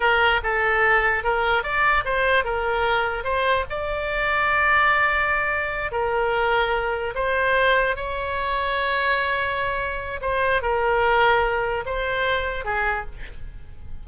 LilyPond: \new Staff \with { instrumentName = "oboe" } { \time 4/4 \tempo 4 = 147 ais'4 a'2 ais'4 | d''4 c''4 ais'2 | c''4 d''2.~ | d''2~ d''8 ais'4.~ |
ais'4. c''2 cis''8~ | cis''1~ | cis''4 c''4 ais'2~ | ais'4 c''2 gis'4 | }